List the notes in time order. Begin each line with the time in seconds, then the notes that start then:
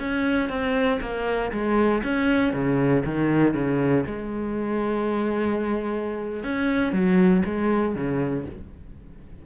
0.00 C#4
0.50 C4
1.02 A#3
1.52 G#3
2.04 C#4
2.53 C#3
3.05 D#3
3.55 C#3
4.07 G#3
6.44 C#4
6.93 F#3
7.46 G#3
7.95 C#3